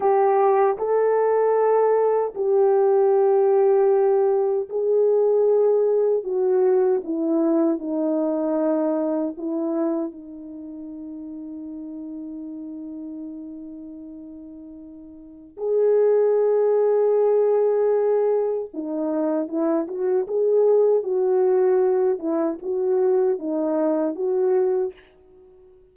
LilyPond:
\new Staff \with { instrumentName = "horn" } { \time 4/4 \tempo 4 = 77 g'4 a'2 g'4~ | g'2 gis'2 | fis'4 e'4 dis'2 | e'4 dis'2.~ |
dis'1 | gis'1 | dis'4 e'8 fis'8 gis'4 fis'4~ | fis'8 e'8 fis'4 dis'4 fis'4 | }